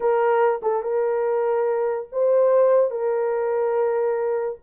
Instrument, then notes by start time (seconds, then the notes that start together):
horn
0.00 A#4
0.62 A4
0.82 A#4
2.12 C5
2.90 A#4